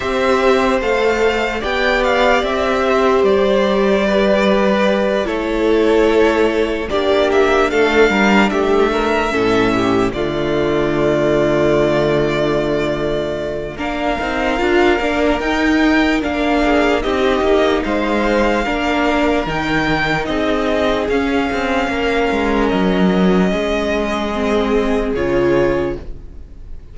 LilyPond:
<<
  \new Staff \with { instrumentName = "violin" } { \time 4/4 \tempo 4 = 74 e''4 f''4 g''8 f''8 e''4 | d''2~ d''8 cis''4.~ | cis''8 d''8 e''8 f''4 e''4.~ | e''8 d''2.~ d''8~ |
d''4 f''2 g''4 | f''4 dis''4 f''2 | g''4 dis''4 f''2 | dis''2. cis''4 | }
  \new Staff \with { instrumentName = "violin" } { \time 4/4 c''2 d''4. c''8~ | c''4 b'4. a'4.~ | a'8 g'4 a'8 ais'8 g'8 ais'8 a'8 | g'8 f'2.~ f'8~ |
f'4 ais'2.~ | ais'8 gis'8 g'4 c''4 ais'4~ | ais'4 gis'2 ais'4~ | ais'4 gis'2. | }
  \new Staff \with { instrumentName = "viola" } { \time 4/4 g'4 a'4 g'2~ | g'2~ g'8 e'4.~ | e'8 d'2. cis'8~ | cis'8 a2.~ a8~ |
a4 d'8 dis'8 f'8 d'8 dis'4 | d'4 dis'2 d'4 | dis'2 cis'2~ | cis'2 c'4 f'4 | }
  \new Staff \with { instrumentName = "cello" } { \time 4/4 c'4 a4 b4 c'4 | g2~ g8 a4.~ | a8 ais4 a8 g8 a4 a,8~ | a,8 d2.~ d8~ |
d4 ais8 c'8 d'8 ais8 dis'4 | ais4 c'8 ais8 gis4 ais4 | dis4 c'4 cis'8 c'8 ais8 gis8 | fis4 gis2 cis4 | }
>>